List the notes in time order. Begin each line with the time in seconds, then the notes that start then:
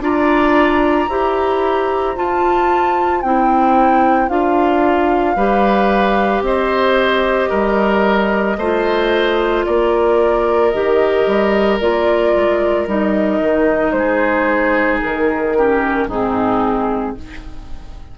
0.00 D4 F4 D5 A#5
1.08 E4 G4 C5
2.15 F4 A5
3.22 C4 E4 G5
4.29 D4 F4 F5
5.35 G3 G4 B4
6.41 C4 C5 D#5
7.49 G3 A#4
8.57 A3 F4 C5
9.65 A#3 A#4 D5
10.69 D#3 G4 D#5
11.26 G3
11.79 A#3 F4 D5
12.35 G#3
12.86 G3 D#4 D#5
13.40 D#3
13.91 G#3 C5
13.98 G#4
15.02 D#3 A#4
15.56 C#4 G4
16.06 G#2 C4 D#4 G#4